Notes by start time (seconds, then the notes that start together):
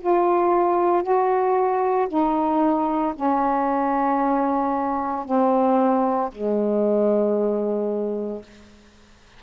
0.00 F4
1.03 F#4
2.09 D#4
3.15 C#4
5.25 C4
6.32 G#3